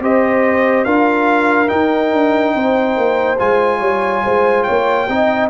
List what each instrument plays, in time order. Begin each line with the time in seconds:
0.00 tuba C4, trombone G4, horn C5, trumpet D#5
0.84 tuba D4, trombone F4, horn A#4, trumpet F5
1.68 trombone D#4, tuba D#4, trumpet G5
2.13 tuba D4
2.55 tuba C4, horn C5
2.96 tuba A#3
3.38 tuba G#3, trombone F4, trumpet G#5
3.80 tuba G3, horn C#5
4.24 tuba G#3, horn C5
4.63 tuba A#3, horn C#5, trumpet G5
5.09 tuba C4, trombone D#4, horn D#5